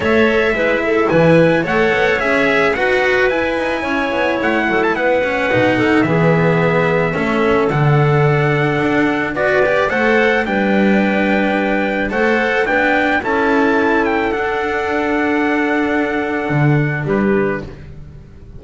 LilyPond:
<<
  \new Staff \with { instrumentName = "trumpet" } { \time 4/4 \tempo 4 = 109 e''2 gis''4 fis''4 | e''4 fis''4 gis''2 | fis''8. a''16 fis''2 e''4~ | e''2 fis''2~ |
fis''4 d''4 fis''4 g''4~ | g''2 fis''4 g''4 | a''4. g''8 fis''2~ | fis''2. b'4 | }
  \new Staff \with { instrumentName = "clarinet" } { \time 4/4 cis''4 b'8 a'8 b'4 cis''4~ | cis''4 b'2 cis''4~ | cis''8 a'8 b'4. a'8 gis'4~ | gis'4 a'2.~ |
a'4 b'4 c''4 b'4~ | b'2 c''4 b'4 | a'1~ | a'2. g'4 | }
  \new Staff \with { instrumentName = "cello" } { \time 4/4 a'4 e'2 a'4 | gis'4 fis'4 e'2~ | e'4. cis'8 dis'4 b4~ | b4 cis'4 d'2~ |
d'4 fis'8 g'8 a'4 d'4~ | d'2 a'4 d'4 | e'2 d'2~ | d'1 | }
  \new Staff \with { instrumentName = "double bass" } { \time 4/4 a4 gis4 e4 a8 b8 | cis'4 dis'4 e'8 dis'8 cis'8 b8 | a8 fis8 b4 b,4 e4~ | e4 a4 d2 |
d'4 b4 a4 g4~ | g2 a4 b4 | cis'2 d'2~ | d'2 d4 g4 | }
>>